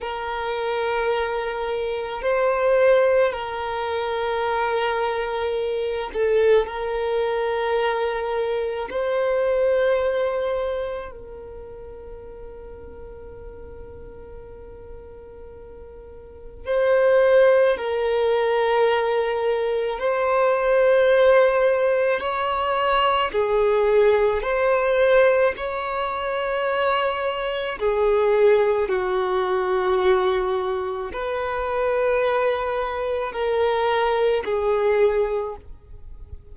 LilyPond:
\new Staff \with { instrumentName = "violin" } { \time 4/4 \tempo 4 = 54 ais'2 c''4 ais'4~ | ais'4. a'8 ais'2 | c''2 ais'2~ | ais'2. c''4 |
ais'2 c''2 | cis''4 gis'4 c''4 cis''4~ | cis''4 gis'4 fis'2 | b'2 ais'4 gis'4 | }